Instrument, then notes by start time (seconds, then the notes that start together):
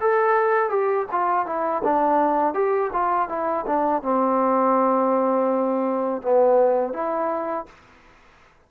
trombone
0.00 A4
0.70 G4
1.11 F4
1.46 E4
1.84 D4
2.54 G4
2.92 F4
3.29 E4
3.66 D4
4.02 C4
6.22 B3
6.93 E4